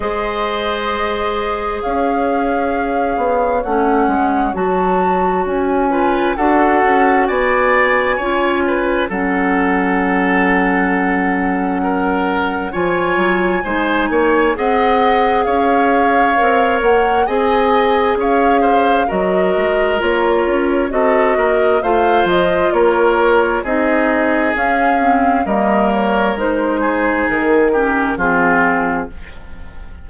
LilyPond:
<<
  \new Staff \with { instrumentName = "flute" } { \time 4/4 \tempo 4 = 66 dis''2 f''2 | fis''4 a''4 gis''4 fis''4 | gis''2 fis''2~ | fis''2 gis''2 |
fis''4 f''4. fis''8 gis''4 | f''4 dis''4 cis''4 dis''4 | f''8 dis''8 cis''4 dis''4 f''4 | dis''8 cis''8 c''4 ais'4 gis'4 | }
  \new Staff \with { instrumentName = "oboe" } { \time 4/4 c''2 cis''2~ | cis''2~ cis''8 b'8 a'4 | d''4 cis''8 b'8 a'2~ | a'4 ais'4 cis''4 c''8 cis''8 |
dis''4 cis''2 dis''4 | cis''8 c''8 ais'2 a'8 ais'8 | c''4 ais'4 gis'2 | ais'4. gis'4 g'8 f'4 | }
  \new Staff \with { instrumentName = "clarinet" } { \time 4/4 gis'1 | cis'4 fis'4. f'8 fis'4~ | fis'4 f'4 cis'2~ | cis'2 f'4 dis'4 |
gis'2 ais'4 gis'4~ | gis'4 fis'4 f'4 fis'4 | f'2 dis'4 cis'8 c'8 | ais4 dis'4. cis'8 c'4 | }
  \new Staff \with { instrumentName = "bassoon" } { \time 4/4 gis2 cis'4. b8 | a8 gis8 fis4 cis'4 d'8 cis'8 | b4 cis'4 fis2~ | fis2 f8 fis8 gis8 ais8 |
c'4 cis'4 c'8 ais8 c'4 | cis'4 fis8 gis8 ais8 cis'8 c'8 ais8 | a8 f8 ais4 c'4 cis'4 | g4 gis4 dis4 f4 | }
>>